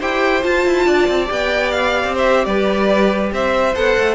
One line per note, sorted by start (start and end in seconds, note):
0.00 0.44 E4
0.00 0.42 G4
0.00 0.86 C5
0.00 0.43 G5
0.42 1.27 F4
0.42 0.66 F4
0.42 1.29 A5
0.66 0.86 E4
0.86 1.08 D4
0.86 2.14 D5
1.08 1.29 C4
1.27 2.04 B3
1.27 3.73 G4
1.27 1.71 G5
1.71 2.14 F5
2.04 2.46 C4
2.14 2.46 C5
2.14 2.45 E5
2.45 3.32 G3
2.45 3.32 B4
2.45 3.31 D5
3.32 3.75 C4
3.32 4.15 C5
3.32 3.75 E5
3.75 3.97 B3
3.75 4.15 A4
3.75 4.15 F#5
3.98 4.15 A3